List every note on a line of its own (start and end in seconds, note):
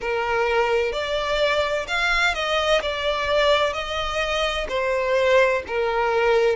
0.00 0.92 A#4
0.92 1.86 D5
1.87 2.34 F5
2.34 2.81 D#5
2.82 3.73 D5
3.73 4.66 D#5
4.69 5.62 C5
5.67 6.56 A#4